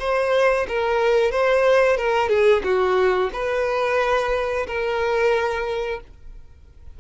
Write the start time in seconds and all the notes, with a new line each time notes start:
0.00 C5
0.68 A#4
1.32 C5
1.97 A#4
2.29 G#4
2.64 F#4
3.33 B4
4.67 A#4